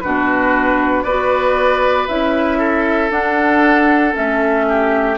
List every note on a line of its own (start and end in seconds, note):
0.00 1.04 B2
0.00 1.06 D4
0.00 1.04 F#4
0.00 1.03 B4
1.03 2.07 B3
1.03 2.08 F#4
1.03 2.58 B4
1.03 2.06 D5
2.07 3.10 C#4
2.07 3.10 E4
2.07 3.11 E5
2.58 4.65 A4
3.10 4.13 D4
3.10 4.14 D4
3.10 4.14 F#5
4.13 5.18 A3
4.13 5.16 C#4
4.13 5.18 E5
4.69 5.18 G4